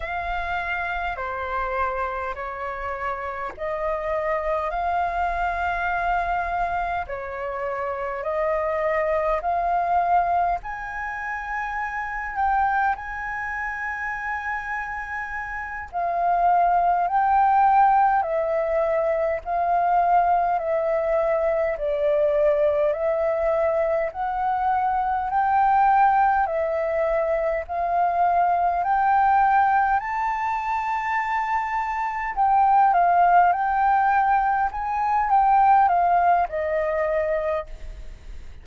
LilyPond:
\new Staff \with { instrumentName = "flute" } { \time 4/4 \tempo 4 = 51 f''4 c''4 cis''4 dis''4 | f''2 cis''4 dis''4 | f''4 gis''4. g''8 gis''4~ | gis''4. f''4 g''4 e''8~ |
e''8 f''4 e''4 d''4 e''8~ | e''8 fis''4 g''4 e''4 f''8~ | f''8 g''4 a''2 g''8 | f''8 g''4 gis''8 g''8 f''8 dis''4 | }